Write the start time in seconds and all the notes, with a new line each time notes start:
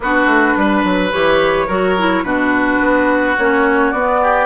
0.00 B3 D4 F#4 B4
0.25 A3
0.57 G3 B4
0.84 F#3
1.11 E3 G4 C#5
1.67 F#3 F#4 A#4
1.98 E4
2.23 B2 D4 F#4 B4
2.79 B3
3.37 A#3 C#4 C#5
3.91 B3 D5
4.21 G4